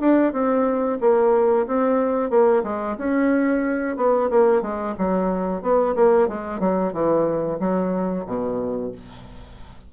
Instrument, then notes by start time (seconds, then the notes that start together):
bassoon
0.00 D4
0.32 C4
1.00 A#3
1.67 C4
2.30 A#3
2.63 G#3
2.98 C#4
3.97 B3
4.30 A#3
4.62 G#3
4.98 F#3
5.62 B3
5.95 A#3
6.28 G#3
6.60 F#3
6.93 E3
7.59 F#3
8.26 B2